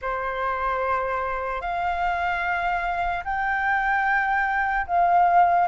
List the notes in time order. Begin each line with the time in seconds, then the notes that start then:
0.01 C5
1.61 F5
3.24 G5
4.86 F5